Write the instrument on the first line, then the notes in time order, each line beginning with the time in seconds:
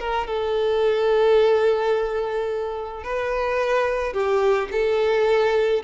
violin
0.00 A#4
0.27 A4
3.04 B4
4.14 G4
4.72 A4